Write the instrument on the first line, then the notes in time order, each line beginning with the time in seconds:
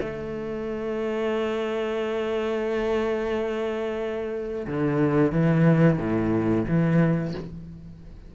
cello
0.00 A3
4.67 D3
5.32 E3
5.98 A2
6.68 E3